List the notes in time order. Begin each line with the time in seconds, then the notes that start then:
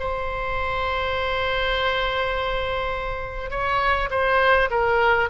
0.00 C5
3.51 C#5
4.11 C5
4.71 A#4